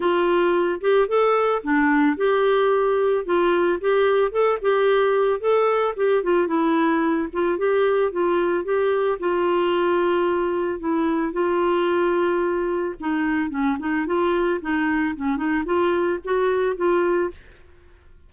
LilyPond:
\new Staff \with { instrumentName = "clarinet" } { \time 4/4 \tempo 4 = 111 f'4. g'8 a'4 d'4 | g'2 f'4 g'4 | a'8 g'4. a'4 g'8 f'8 | e'4. f'8 g'4 f'4 |
g'4 f'2. | e'4 f'2. | dis'4 cis'8 dis'8 f'4 dis'4 | cis'8 dis'8 f'4 fis'4 f'4 | }